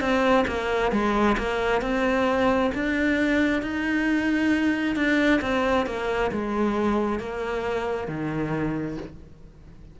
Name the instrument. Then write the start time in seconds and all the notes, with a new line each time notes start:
cello
0.00 C4
0.47 A#3
0.92 G#3
1.38 A#3
1.81 C4
2.74 D4
3.62 D#4
4.96 D4
5.41 C4
5.86 A#3
6.31 G#3
7.19 A#3
8.08 D#3